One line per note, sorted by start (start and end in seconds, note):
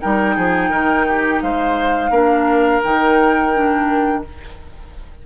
0.00 0.37 G3
0.00 2.12 D#4
0.00 0.35 A#4
0.00 1.41 G5
0.35 0.70 F3
0.35 0.70 G#4
0.70 1.41 D#3
0.70 1.05 A#4
1.08 1.43 G4
1.41 2.10 G#3
1.41 2.11 C5
1.41 2.83 F5
2.10 2.81 A#3
2.10 2.82 D4
2.10 4.22 A#4
2.83 4.26 D#3
2.83 3.54 D#4
2.83 4.25 G5
3.54 4.24 D4